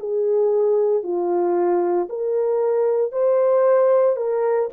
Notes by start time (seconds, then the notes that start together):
0.00 G#4
1.03 F4
2.09 A#4
3.12 C5
4.16 A#4